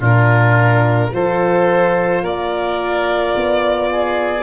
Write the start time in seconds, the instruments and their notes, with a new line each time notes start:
0.00 tuba A#2, horn D4, oboe F4, violin A#4
1.13 tuba F3, horn F4, oboe A4, violin C5
2.22 tuba A#3, oboe A#4, violin D5
3.36 tuba B3
3.92 oboe G#4